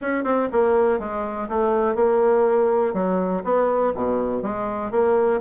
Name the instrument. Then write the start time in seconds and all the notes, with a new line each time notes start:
bassoon
0.01 C#4
0.23 C4
0.52 A#3
0.99 G#3
1.49 A3
1.95 A#3
2.93 F#3
3.44 B3
3.94 B2
4.42 G#3
4.91 A#3